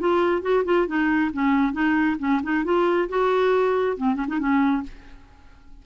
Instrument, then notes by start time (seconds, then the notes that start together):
clarinet
0.00 F4
0.42 F#4
0.65 F4
0.87 D#4
1.34 C#4
1.73 D#4
2.19 C#4
2.43 D#4
2.65 F4
3.09 F#4
3.97 C4
4.15 C#4
4.28 D#4
4.39 C#4